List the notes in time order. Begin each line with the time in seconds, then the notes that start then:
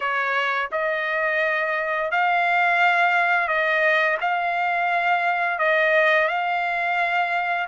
0.00 C#5
0.71 D#5
2.11 F5
3.48 D#5
4.20 F5
5.58 D#5
6.28 F5